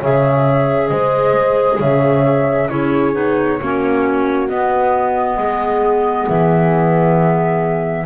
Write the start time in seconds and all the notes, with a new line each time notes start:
0.00 C#3 G#4 C#5 E5
0.88 G#3 C5 D#5
1.79 C#3 C#5 E5
2.69 C#4 E4 G#4 C#5
3.13 B3 D#4
3.60 A#3 C#4 F#4
4.48 B3 D#5
5.37 G#3 G#4
6.28 E3 E5